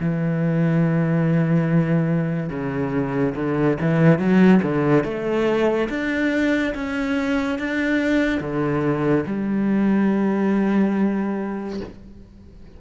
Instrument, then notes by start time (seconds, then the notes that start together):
cello
0.00 E3
2.50 C#3
3.36 D3
3.81 E3
4.19 F#3
4.62 D3
5.04 A3
5.89 D4
6.75 C#4
7.59 D4
8.40 D3
9.27 G3